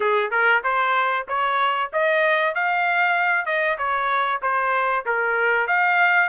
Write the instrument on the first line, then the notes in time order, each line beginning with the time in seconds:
trumpet
0.00 G#4
0.30 A#4
0.63 C5
1.27 C#5
1.92 D#5
2.54 F5
3.45 D#5
3.78 C#5
4.42 C5
5.05 A#4
5.67 F5